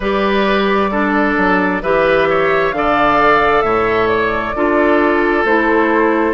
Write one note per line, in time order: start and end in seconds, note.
0.00 1.36 G3
0.00 0.91 G4
0.00 0.90 B4
0.00 1.83 D5
0.91 1.82 D4
0.91 1.82 A4
1.37 1.82 F#3
1.82 2.72 E3
1.82 2.73 G4
1.82 2.27 B4
1.82 2.71 E5
2.29 2.75 C#5
2.71 3.62 D3
2.71 4.55 A4
2.71 3.64 D5
2.71 3.61 F5
3.61 4.53 A2
3.61 4.55 C#5
3.61 4.07 E5
4.07 5.43 D5
4.55 5.45 D4
4.55 5.46 F4
4.55 6.33 A4
5.45 6.33 A3
5.45 6.33 E4
5.45 6.33 C5